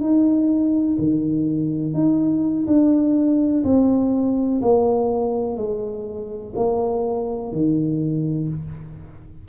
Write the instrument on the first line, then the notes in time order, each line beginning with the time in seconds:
tuba
0.00 D#4
0.99 D#3
1.94 D#4
2.67 D4
3.64 C4
4.62 A#3
5.57 G#3
6.55 A#3
7.52 D#3